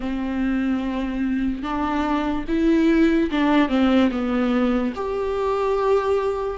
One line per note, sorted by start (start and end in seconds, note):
0.00 1.62 C4
1.62 2.44 D4
2.48 3.30 E4
3.31 3.68 D4
3.68 4.09 C4
4.11 4.93 B3
4.95 6.58 G4